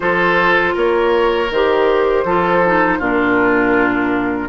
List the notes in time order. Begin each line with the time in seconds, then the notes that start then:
0.00 F3 F4 A4 C5
0.74 A#3 A#4 C#5
1.50 D#3 G4 C5
2.24 F3 F4 A4
2.65 D#4
2.99 A#2 D4 F4 A#4